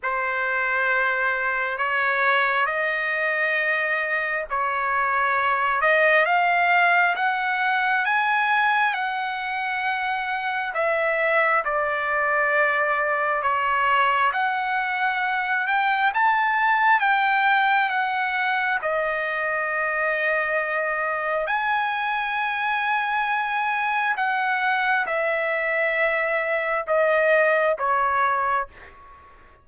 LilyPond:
\new Staff \with { instrumentName = "trumpet" } { \time 4/4 \tempo 4 = 67 c''2 cis''4 dis''4~ | dis''4 cis''4. dis''8 f''4 | fis''4 gis''4 fis''2 | e''4 d''2 cis''4 |
fis''4. g''8 a''4 g''4 | fis''4 dis''2. | gis''2. fis''4 | e''2 dis''4 cis''4 | }